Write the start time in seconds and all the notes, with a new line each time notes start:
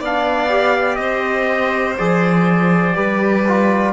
0.00 B3 D4 D5 F5
0.49 G4
0.95 C4 C5 D#5
1.98 F3 G#4 D5
2.93 G3 G4 B4
3.47 F4